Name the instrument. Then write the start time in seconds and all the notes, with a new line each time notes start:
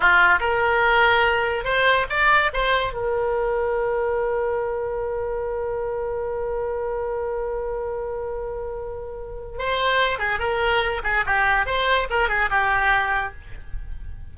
oboe
0.00 F4
0.40 A#4
1.64 C5
2.09 D5
2.53 C5
2.93 A#4
9.58 C5
10.18 G#4
10.39 A#4
11.03 G#4
11.25 G4
11.66 C5
12.10 A#4
12.28 G#4
12.50 G4